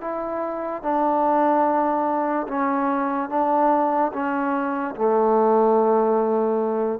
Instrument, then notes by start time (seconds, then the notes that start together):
trombone
0.00 E4
0.82 D4
2.47 C#4
3.29 D4
4.12 C#4
4.95 A3